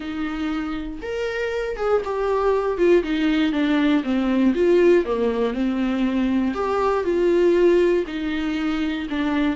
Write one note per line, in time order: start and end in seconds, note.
0.00 0.99 D#4
1.02 1.76 A#4
1.76 2.01 G#4
2.04 2.77 G4
2.77 3.03 F4
3.03 3.52 D#4
3.52 4.02 D4
4.03 4.54 C4
4.54 5.05 F4
5.05 5.53 A#3
5.53 6.54 C4
6.54 7.04 G4
7.04 8.04 F4
8.06 9.07 D#4
9.09 9.56 D4